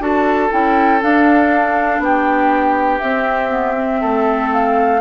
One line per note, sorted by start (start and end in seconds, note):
0.00 0.50 D4
0.00 0.50 F#4
0.00 2.02 A4
0.00 0.52 A5
0.52 1.02 C#4
0.52 1.01 E4
0.52 1.03 G5
1.01 3.01 D4
1.01 2.00 D4
1.01 2.03 F5
2.00 3.00 B3
2.00 4.01 G4
2.00 3.00 G5
3.00 4.03 C4
3.00 3.50 C4
3.00 4.50 E5
3.50 3.75 B3
3.76 5.01 C4
4.01 5.01 A3
4.01 5.01 A4
4.53 5.01 F5